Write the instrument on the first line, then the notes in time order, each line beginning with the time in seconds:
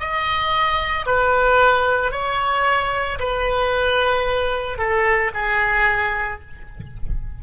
oboe
0.00 D#5
1.06 B4
2.11 C#5
3.19 B4
4.78 A4
5.34 G#4